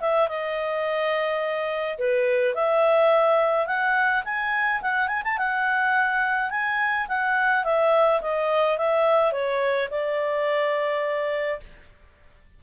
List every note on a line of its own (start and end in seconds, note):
0.00 0.28 E5
0.28 1.98 D#5
1.98 2.54 B4
2.54 3.66 E5
3.66 4.23 F#5
4.25 4.81 G#5
4.81 5.08 F#5
5.08 5.22 G#5
5.24 5.37 A5
5.37 6.50 F#5
6.50 7.07 G#5
7.08 7.64 F#5
7.64 8.20 E5
8.21 8.77 D#5
8.77 9.32 E5
9.32 9.89 C#5
9.90 11.60 D5